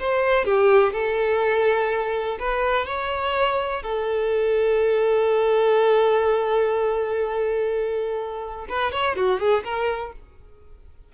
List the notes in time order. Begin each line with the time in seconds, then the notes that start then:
0.00 C5
0.45 G4
0.93 A4
2.40 B4
2.86 C#5
3.83 A4
8.69 B4
8.92 C#5
9.16 F#4
9.40 G#4
9.64 A#4